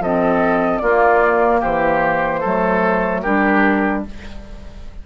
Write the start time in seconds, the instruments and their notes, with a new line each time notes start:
0.00 bassoon F3, clarinet C4, oboe A4, flute D#5
0.78 bassoon A#3, clarinet A#3, oboe F4, flute D5
1.60 bassoon E3, oboe G4, flute C5
2.40 bassoon F#3, clarinet A3, oboe A4
3.21 bassoon G3, clarinet D4, oboe G4, flute A#4